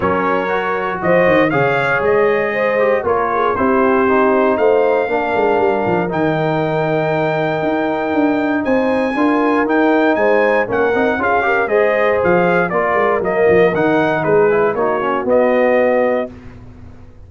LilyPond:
<<
  \new Staff \with { instrumentName = "trumpet" } { \time 4/4 \tempo 4 = 118 cis''2 dis''4 f''4 | dis''2 cis''4 c''4~ | c''4 f''2. | g''1~ |
g''4 gis''2 g''4 | gis''4 fis''4 f''4 dis''4 | f''4 d''4 dis''4 fis''4 | b'4 cis''4 dis''2 | }
  \new Staff \with { instrumentName = "horn" } { \time 4/4 ais'2 c''4 cis''4~ | cis''4 c''4 ais'8 gis'8 g'4~ | g'4 c''4 ais'2~ | ais'1~ |
ais'4 c''4 ais'2 | c''4 ais'4 gis'8 ais'8 c''4~ | c''4 ais'2. | gis'4 fis'2. | }
  \new Staff \with { instrumentName = "trombone" } { \time 4/4 cis'4 fis'2 gis'4~ | gis'4. g'8 f'4 e'4 | dis'2 d'2 | dis'1~ |
dis'2 f'4 dis'4~ | dis'4 cis'8 dis'8 f'8 g'8 gis'4~ | gis'4 f'4 ais4 dis'4~ | dis'8 e'8 dis'8 cis'8 b2 | }
  \new Staff \with { instrumentName = "tuba" } { \time 4/4 fis2 f8 dis8 cis4 | gis2 ais4 c'4~ | c'4 a4 ais8 gis8 g8 f8 | dis2. dis'4 |
d'4 c'4 d'4 dis'4 | gis4 ais8 c'8 cis'4 gis4 | f4 ais8 gis8 fis8 f8 dis4 | gis4 ais4 b2 | }
>>